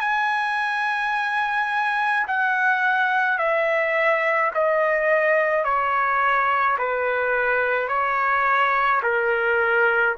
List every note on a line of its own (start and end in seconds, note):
0.00 2.26 G#5
2.27 3.38 F#5
3.38 4.51 E5
4.54 5.64 D#5
5.64 6.77 C#5
6.78 7.88 B4
7.88 9.02 C#5
9.02 10.15 A#4